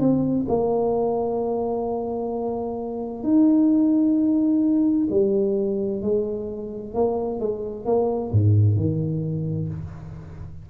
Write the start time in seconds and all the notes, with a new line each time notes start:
0.00 C4
0.48 A#3
3.23 D#4
5.10 G3
6.02 G#3
6.94 A#3
7.40 G#3
7.85 A#3
8.32 G#2
8.76 D#3